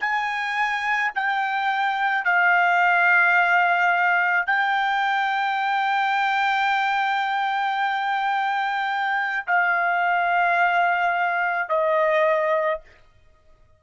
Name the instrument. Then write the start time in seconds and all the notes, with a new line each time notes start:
trumpet
0.00 G#5
1.15 G5
2.25 F5
4.46 G5
9.47 F5
11.69 D#5